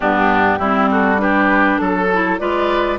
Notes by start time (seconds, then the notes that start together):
0.00 G2 B3 D4 G4
0.58 G3 C4 E4
0.91 F#4 A4
1.17 D4 G4 B4
1.77 F#3 A4
2.13 E4
2.38 G#3 F4 B4 D5